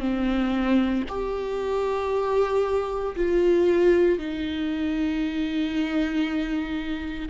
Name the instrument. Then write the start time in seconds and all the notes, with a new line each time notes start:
viola
0.00 C4
1.09 G4
3.16 F4
4.19 D#4